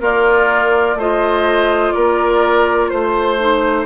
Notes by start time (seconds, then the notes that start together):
0.00 A#3 F4 A#4 D5
0.95 A3 F4 C5 D#5
1.92 A#3 A#4 D5
2.89 A3 C5
3.40 D#4